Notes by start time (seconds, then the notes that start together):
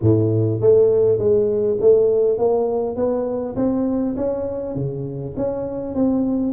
0.01 A2
0.60 A3
1.18 G#3
1.80 A3
2.38 A#3
2.96 B3
3.56 C4
4.16 C#4
4.75 C#3
5.37 C#4
5.95 C4